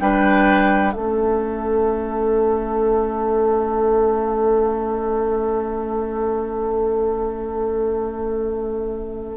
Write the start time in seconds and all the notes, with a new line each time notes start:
0.00 G3 D4 B4 G5
0.93 A3 C#4 A4 E5